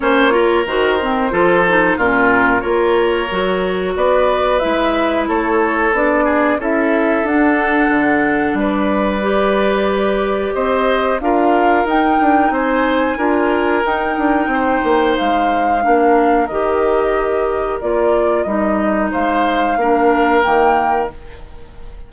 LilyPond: <<
  \new Staff \with { instrumentName = "flute" } { \time 4/4 \tempo 4 = 91 cis''4 c''2 ais'4 | cis''2 d''4 e''4 | cis''4 d''4 e''4 fis''4~ | fis''4 d''2. |
dis''4 f''4 g''4 gis''4~ | gis''4 g''2 f''4~ | f''4 dis''2 d''4 | dis''4 f''2 g''4 | }
  \new Staff \with { instrumentName = "oboe" } { \time 4/4 c''8 ais'4. a'4 f'4 | ais'2 b'2 | a'4. gis'8 a'2~ | a'4 b'2. |
c''4 ais'2 c''4 | ais'2 c''2 | ais'1~ | ais'4 c''4 ais'2 | }
  \new Staff \with { instrumentName = "clarinet" } { \time 4/4 cis'8 f'8 fis'8 c'8 f'8 dis'8 cis'4 | f'4 fis'2 e'4~ | e'4 d'4 e'4 d'4~ | d'2 g'2~ |
g'4 f'4 dis'2 | f'4 dis'2. | d'4 g'2 f'4 | dis'2 d'4 ais4 | }
  \new Staff \with { instrumentName = "bassoon" } { \time 4/4 ais4 dis4 f4 ais,4 | ais4 fis4 b4 gis4 | a4 b4 cis'4 d'4 | d4 g2. |
c'4 d'4 dis'8 d'8 c'4 | d'4 dis'8 d'8 c'8 ais8 gis4 | ais4 dis2 ais4 | g4 gis4 ais4 dis4 | }
>>